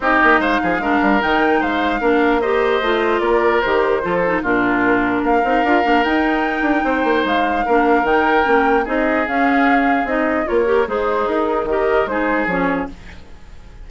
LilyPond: <<
  \new Staff \with { instrumentName = "flute" } { \time 4/4 \tempo 4 = 149 dis''4 f''2 g''4 | f''2 dis''2 | d''4 c''2 ais'4~ | ais'4 f''2 g''4~ |
g''2 f''2 | g''2 dis''4 f''4~ | f''4 dis''4 cis''4 c''4 | ais'4 dis''4 c''4 cis''4 | }
  \new Staff \with { instrumentName = "oboe" } { \time 4/4 g'4 c''8 gis'8 ais'2 | c''4 ais'4 c''2 | ais'2 a'4 f'4~ | f'4 ais'2.~ |
ais'4 c''2 ais'4~ | ais'2 gis'2~ | gis'2 ais'4 dis'4~ | dis'4 ais'4 gis'2 | }
  \new Staff \with { instrumentName = "clarinet" } { \time 4/4 dis'2 d'4 dis'4~ | dis'4 d'4 g'4 f'4~ | f'4 g'4 f'8 dis'8 d'4~ | d'4. dis'8 f'8 d'8 dis'4~ |
dis'2. d'4 | dis'4 cis'4 dis'4 cis'4~ | cis'4 dis'4 f'8 g'8 gis'4~ | gis'4 g'4 dis'4 cis'4 | }
  \new Staff \with { instrumentName = "bassoon" } { \time 4/4 c'8 ais8 gis8 f8 gis8 g8 dis4 | gis4 ais2 a4 | ais4 dis4 f4 ais,4~ | ais,4 ais8 c'8 d'8 ais8 dis'4~ |
dis'8 d'8 c'8 ais8 gis4 ais4 | dis4 ais4 c'4 cis'4~ | cis'4 c'4 ais4 gis4 | dis'4 dis4 gis4 f4 | }
>>